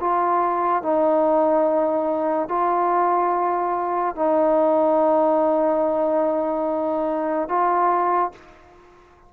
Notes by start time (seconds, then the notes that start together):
0.00 F4
0.82 D#4
2.48 F4
4.15 D#4
7.48 F4